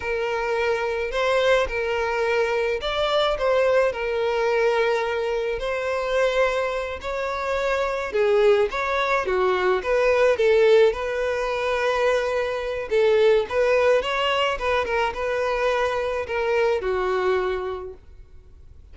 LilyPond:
\new Staff \with { instrumentName = "violin" } { \time 4/4 \tempo 4 = 107 ais'2 c''4 ais'4~ | ais'4 d''4 c''4 ais'4~ | ais'2 c''2~ | c''8 cis''2 gis'4 cis''8~ |
cis''8 fis'4 b'4 a'4 b'8~ | b'2. a'4 | b'4 cis''4 b'8 ais'8 b'4~ | b'4 ais'4 fis'2 | }